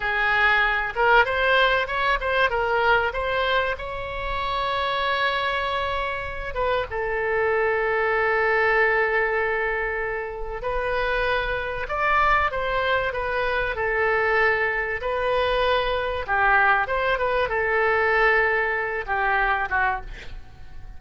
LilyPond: \new Staff \with { instrumentName = "oboe" } { \time 4/4 \tempo 4 = 96 gis'4. ais'8 c''4 cis''8 c''8 | ais'4 c''4 cis''2~ | cis''2~ cis''8 b'8 a'4~ | a'1~ |
a'4 b'2 d''4 | c''4 b'4 a'2 | b'2 g'4 c''8 b'8 | a'2~ a'8 g'4 fis'8 | }